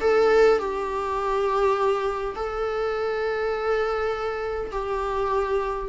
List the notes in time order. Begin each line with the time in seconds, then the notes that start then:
0.00 A4
0.59 G4
2.36 A4
4.71 G4